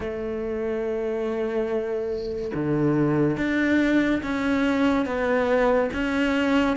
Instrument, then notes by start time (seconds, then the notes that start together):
cello
0.00 A3
2.54 D3
3.36 D4
4.23 C#4
5.05 B3
5.93 C#4